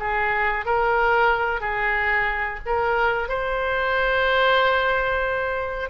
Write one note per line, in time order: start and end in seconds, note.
0.00 0.66 G#4
0.66 1.61 A#4
1.61 2.60 G#4
2.66 3.29 A#4
3.29 5.90 C5